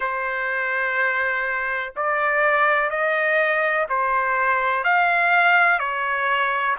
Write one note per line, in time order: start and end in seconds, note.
0.00 1.93 C5
1.96 2.90 D5
2.90 3.87 D#5
3.89 4.83 C5
4.83 5.78 F5
5.78 6.75 C#5